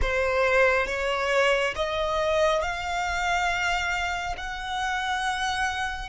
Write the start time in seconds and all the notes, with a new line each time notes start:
0.01 C5
0.87 C#5
1.75 D#5
2.61 F5
4.37 F#5